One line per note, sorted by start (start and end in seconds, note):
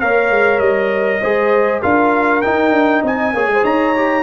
0.00 0.30 A#3
0.00 1.21 A#4
0.00 1.21 C#5
0.00 0.58 F5
0.30 0.59 G#3
0.58 1.20 G3
0.58 1.80 D#5
1.21 1.83 G#3
1.21 1.82 G#4
1.21 1.81 C5
1.81 2.44 D4
1.81 2.42 F4
1.81 3.02 A#4
1.81 2.41 F5
2.41 3.34 D#4
2.41 2.71 D#4
2.41 3.02 G5
2.71 3.02 D4
3.02 3.33 C4
3.02 3.32 D#5
3.02 3.64 G#5
3.33 3.47 A#3
3.33 3.95 G#4
3.33 3.49 C#5
3.47 3.62 G#3
3.47 3.64 C5
3.64 4.23 D#4
3.64 4.23 C#5
3.64 4.23 A#5
3.95 4.23 G4